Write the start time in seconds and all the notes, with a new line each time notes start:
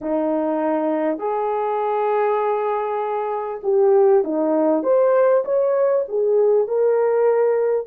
0.01 D#4
1.18 G#4
3.63 G4
4.24 D#4
4.83 C5
5.44 C#5
6.08 G#4
6.67 A#4